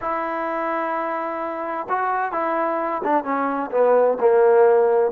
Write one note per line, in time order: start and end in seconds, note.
0.01 1.87 E4
1.89 2.32 F#4
2.32 3.01 E4
3.03 3.23 D4
3.23 3.70 C#4
3.71 4.17 B3
4.20 5.11 A#3